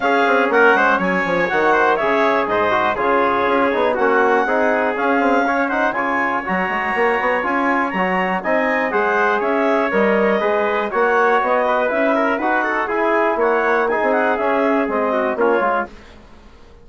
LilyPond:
<<
  \new Staff \with { instrumentName = "clarinet" } { \time 4/4 \tempo 4 = 121 f''4 fis''4 gis''4 fis''4 | e''4 dis''4 cis''2 | fis''2 f''4. fis''8 | gis''4 ais''2 gis''4 |
ais''4 gis''4 fis''4 e''4 | dis''2 fis''4 dis''4 | e''4 fis''4 gis''4 fis''4 | gis''8 fis''8 e''4 dis''4 cis''4 | }
  \new Staff \with { instrumentName = "trumpet" } { \time 4/4 gis'4 ais'8 c''8 cis''4. c''8 | cis''4 c''4 gis'2 | fis'4 gis'2 cis''8 c''8 | cis''1~ |
cis''4 dis''4 c''4 cis''4~ | cis''4 b'4 cis''4. b'8~ | b'8 ais'8 b'8 a'8 gis'4 cis''4 | gis'2~ gis'8 fis'8 f'4 | }
  \new Staff \with { instrumentName = "trombone" } { \time 4/4 cis'2. fis'4 | gis'4. fis'8 f'4. dis'8 | cis'4 dis'4 cis'8 c'8 cis'8 dis'8 | f'4 fis'2 f'4 |
fis'4 dis'4 gis'2 | ais'4 gis'4 fis'2 | e'4 fis'4 e'2 | dis'4 cis'4 c'4 cis'8 f'8 | }
  \new Staff \with { instrumentName = "bassoon" } { \time 4/4 cis'8 c'8 ais8 gis8 fis8 f8 dis4 | cis4 gis,4 cis4 cis'8 b8 | ais4 c'4 cis'2 | cis4 fis8 gis8 ais8 b8 cis'4 |
fis4 c'4 gis4 cis'4 | g4 gis4 ais4 b4 | cis'4 dis'4 e'4 ais4~ | ais16 c'8. cis'4 gis4 ais8 gis8 | }
>>